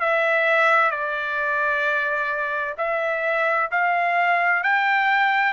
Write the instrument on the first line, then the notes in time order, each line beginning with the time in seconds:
trumpet
0.00 E5
0.90 D5
2.77 E5
3.71 F5
4.63 G5